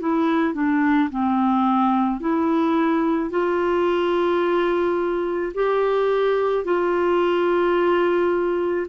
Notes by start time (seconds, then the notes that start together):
0.00 E4
0.54 D4
1.11 C4
2.20 E4
3.30 F4
5.55 G4
6.65 F4